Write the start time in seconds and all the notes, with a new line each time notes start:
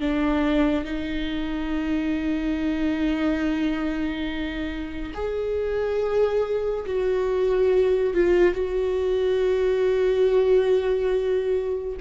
0.00 D4
0.84 D#4
5.14 G#4
6.86 F#4
8.14 F4
8.54 F#4